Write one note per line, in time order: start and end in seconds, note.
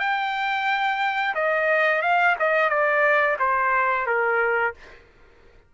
0.00 1.35 G5
1.35 2.02 D#5
2.02 2.36 F5
2.40 2.70 D#5
2.70 3.37 D5
3.39 4.07 C5
4.07 4.74 A#4